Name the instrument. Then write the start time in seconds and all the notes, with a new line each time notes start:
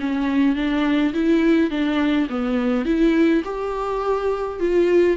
viola
0.00 C#4
0.55 D4
1.14 E4
1.70 D4
2.29 B3
2.85 E4
3.45 G4
4.59 F4